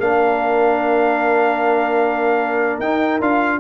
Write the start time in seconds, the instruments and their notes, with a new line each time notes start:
0.00 tuba A#3, trombone D4, horn A#4, trumpet F5
2.80 tuba D#4, trombone D#4, trumpet G5
3.21 tuba D4, trombone F4, trumpet F5